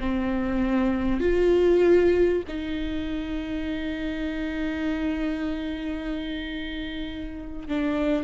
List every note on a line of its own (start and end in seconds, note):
0.00 1.20 C4
1.20 2.43 F4
2.48 7.68 D#4
7.69 8.24 D4